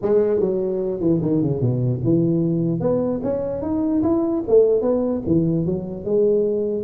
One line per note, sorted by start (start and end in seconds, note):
0.01 0.40 G#3
0.40 1.00 F#3
1.00 1.20 E3
1.22 1.42 D#3
1.42 1.60 C#3
1.60 2.01 B2
2.04 2.80 E3
2.80 3.20 B3
3.23 3.61 C#4
3.61 4.02 D#4
4.02 4.43 E4
4.48 4.81 A3
4.81 5.22 B3
5.26 5.65 E3
5.65 6.04 F#3
6.04 6.83 G#3